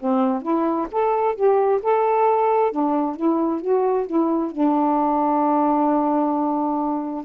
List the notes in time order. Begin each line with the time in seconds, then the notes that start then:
0.00 C4
0.42 E4
0.92 A4
1.36 G4
1.83 A4
2.72 D4
3.17 E4
3.62 F#4
4.07 E4
4.52 D4